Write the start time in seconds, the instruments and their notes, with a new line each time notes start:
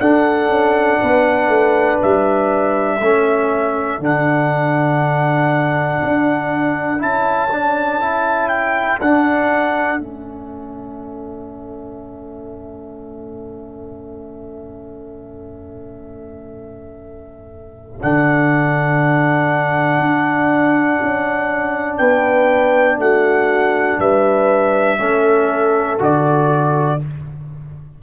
0.00 tuba D4, trombone D4, horn A4, trumpet F#5
0.49 tuba C#4
1.02 tuba B3, horn B4
1.49 tuba A3
2.02 tuba G3, trumpet E5
2.98 tuba A3, trombone C#4, horn A4
3.99 tuba D3, trombone D4, trumpet F#5
6.04 tuba D4
6.99 tuba C#4, trombone E4, trumpet A5
7.52 trombone D4
8.01 trombone E4
8.49 trumpet G5
9.01 tuba D4, trombone D4, trumpet F#5
9.99 tuba A3, trombone C#4, trumpet E5
18.01 tuba D3, trombone D4, trumpet F#5
20.00 tuba D4
21.02 tuba C#4
21.98 tuba B3, horn B4, trumpet G5
22.99 tuba A3, horn F#4, trumpet F#5
23.99 tuba G3, horn B4, trumpet E5
24.99 tuba A3, trombone C#4, horn A4
25.99 tuba D3, trombone F#4, trumpet D5